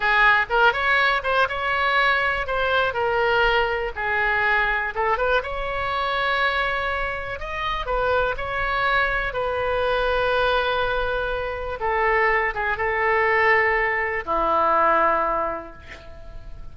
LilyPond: \new Staff \with { instrumentName = "oboe" } { \time 4/4 \tempo 4 = 122 gis'4 ais'8 cis''4 c''8 cis''4~ | cis''4 c''4 ais'2 | gis'2 a'8 b'8 cis''4~ | cis''2. dis''4 |
b'4 cis''2 b'4~ | b'1 | a'4. gis'8 a'2~ | a'4 e'2. | }